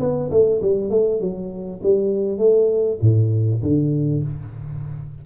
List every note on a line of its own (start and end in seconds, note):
0.00 0.30 B3
0.31 0.62 A3
0.63 0.91 G3
0.91 1.21 A3
1.21 1.82 F#3
1.83 2.38 G3
2.38 2.99 A3
3.02 3.62 A2
3.63 4.23 D3